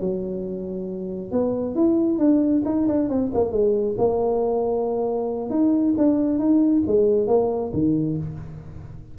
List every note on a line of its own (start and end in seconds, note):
0.00 1.32 F#3
1.32 1.75 B3
1.75 2.19 E4
2.19 2.63 D4
2.65 2.87 D#4
2.88 3.09 D4
3.09 3.31 C4
3.34 3.52 A#3
3.52 3.96 G#3
3.98 5.50 A#3
5.50 5.95 D#4
5.98 6.39 D4
6.39 6.83 D#4
6.87 7.28 G#3
7.28 7.72 A#3
7.73 8.18 D#3